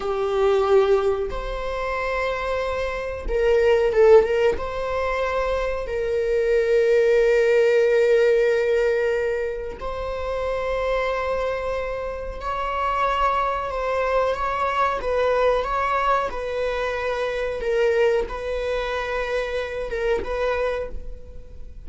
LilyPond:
\new Staff \with { instrumentName = "viola" } { \time 4/4 \tempo 4 = 92 g'2 c''2~ | c''4 ais'4 a'8 ais'8 c''4~ | c''4 ais'2.~ | ais'2. c''4~ |
c''2. cis''4~ | cis''4 c''4 cis''4 b'4 | cis''4 b'2 ais'4 | b'2~ b'8 ais'8 b'4 | }